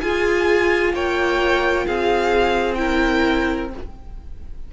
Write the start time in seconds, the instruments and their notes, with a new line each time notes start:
0.00 cello F4, viola F4, violin G#4 G#5
0.93 cello A#3, violin C#5 G5
1.86 cello C4, violin G#4 F5
2.74 viola E4, violin A#4 G5